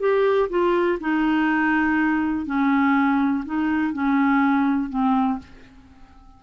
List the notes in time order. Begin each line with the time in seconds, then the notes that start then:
0.00 G4
0.50 F4
1.01 D#4
2.46 C#4
3.46 D#4
3.93 C#4
4.90 C4